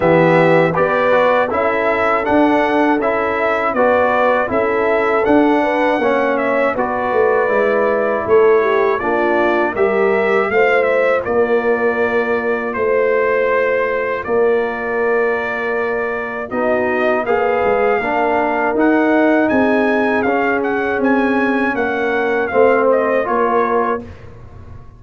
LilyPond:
<<
  \new Staff \with { instrumentName = "trumpet" } { \time 4/4 \tempo 4 = 80 e''4 d''4 e''4 fis''4 | e''4 d''4 e''4 fis''4~ | fis''8 e''8 d''2 cis''4 | d''4 e''4 f''8 e''8 d''4~ |
d''4 c''2 d''4~ | d''2 dis''4 f''4~ | f''4 fis''4 gis''4 f''8 fis''8 | gis''4 fis''4 f''8 dis''8 cis''4 | }
  \new Staff \with { instrumentName = "horn" } { \time 4/4 g'4 b'4 a'2~ | a'4 b'4 a'4. b'8 | cis''4 b'2 a'8 g'8 | f'4 ais'4 c''4 ais'4~ |
ais'4 c''2 ais'4~ | ais'2 fis'4 b'4 | ais'2 gis'2~ | gis'4 ais'4 c''4 ais'4 | }
  \new Staff \with { instrumentName = "trombone" } { \time 4/4 b4 g'8 fis'8 e'4 d'4 | e'4 fis'4 e'4 d'4 | cis'4 fis'4 e'2 | d'4 g'4 f'2~ |
f'1~ | f'2 dis'4 gis'4 | d'4 dis'2 cis'4~ | cis'2 c'4 f'4 | }
  \new Staff \with { instrumentName = "tuba" } { \time 4/4 e4 b4 cis'4 d'4 | cis'4 b4 cis'4 d'4 | ais4 b8 a8 gis4 a4 | ais4 g4 a4 ais4~ |
ais4 a2 ais4~ | ais2 b4 ais8 gis8 | ais4 dis'4 c'4 cis'4 | c'4 ais4 a4 ais4 | }
>>